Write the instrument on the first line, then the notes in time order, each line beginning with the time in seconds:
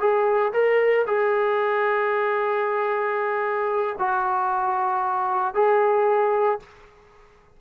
trombone
0.00 G#4
0.53 A#4
1.07 G#4
3.99 F#4
5.55 G#4